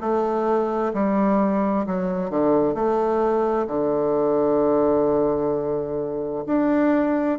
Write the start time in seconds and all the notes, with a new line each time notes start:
0.00 A3
0.94 G3
1.86 F#3
2.30 D3
2.74 A3
3.67 D3
6.46 D4